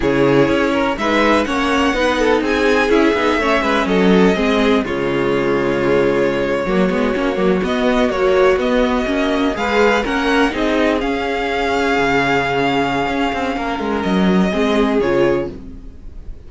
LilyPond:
<<
  \new Staff \with { instrumentName = "violin" } { \time 4/4 \tempo 4 = 124 cis''2 e''4 fis''4~ | fis''4 gis''4 e''2 | dis''2 cis''2~ | cis''2.~ cis''8. dis''16~ |
dis''8. cis''4 dis''2 f''16~ | f''8. fis''4 dis''4 f''4~ f''16~ | f''1~ | f''4 dis''2 cis''4 | }
  \new Staff \with { instrumentName = "violin" } { \time 4/4 gis'4. ais'8 b'4 cis''4 | b'8 a'8 gis'2 cis''8 b'8 | a'4 gis'4 f'2~ | f'4.~ f'16 fis'2~ fis'16~ |
fis'2.~ fis'8. b'16~ | b'8. ais'4 gis'2~ gis'16~ | gis'1 | ais'2 gis'2 | }
  \new Staff \with { instrumentName = "viola" } { \time 4/4 e'2 dis'4 cis'4 | dis'2 e'8 dis'8 cis'4~ | cis'4 c'4 gis2~ | gis4.~ gis16 ais8 b8 cis'8 ais8 b16~ |
b8. fis4 b4 cis'4 gis'16~ | gis'8. cis'4 dis'4 cis'4~ cis'16~ | cis'1~ | cis'2 c'4 f'4 | }
  \new Staff \with { instrumentName = "cello" } { \time 4/4 cis4 cis'4 gis4 ais4 | b4 c'4 cis'8 b8 a8 gis8 | fis4 gis4 cis2~ | cis4.~ cis16 fis8 gis8 ais8 fis8 b16~ |
b8. ais4 b4 ais4 gis16~ | gis8. ais4 c'4 cis'4~ cis'16~ | cis'8. cis2~ cis16 cis'8 c'8 | ais8 gis8 fis4 gis4 cis4 | }
>>